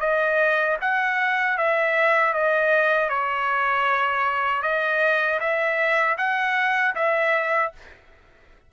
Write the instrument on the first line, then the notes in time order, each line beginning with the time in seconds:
trumpet
0.00 D#5
0.81 F#5
1.58 E5
2.34 D#5
3.09 C#5
4.63 D#5
5.40 E5
6.18 F#5
6.95 E5